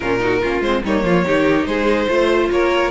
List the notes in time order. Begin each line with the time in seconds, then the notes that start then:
0.00 A#2 C#4 F4 A#4
0.20 D#4 F#4
0.41 A#3 C#4 F4
0.61 G#3 C4 C5
0.83 G3 A#3 D#4 C#5
1.03 F3 F4
1.26 D#3 D#4 G4
1.65 G#3 G#4 C5
2.08 A3 F4 C5
2.50 A#3 A#4 C#5